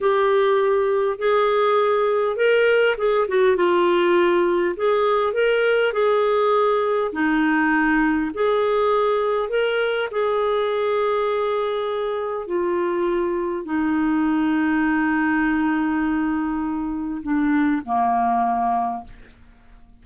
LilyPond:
\new Staff \with { instrumentName = "clarinet" } { \time 4/4 \tempo 4 = 101 g'2 gis'2 | ais'4 gis'8 fis'8 f'2 | gis'4 ais'4 gis'2 | dis'2 gis'2 |
ais'4 gis'2.~ | gis'4 f'2 dis'4~ | dis'1~ | dis'4 d'4 ais2 | }